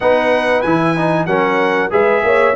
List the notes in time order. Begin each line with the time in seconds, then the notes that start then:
0.00 B3 D#4 B4 F#5
0.61 E3 E4 G#5
0.96 D#4
1.26 F#3 C#4 A#4 F#5
1.90 G#3 G#4 B4 E5
2.23 A#3 C#5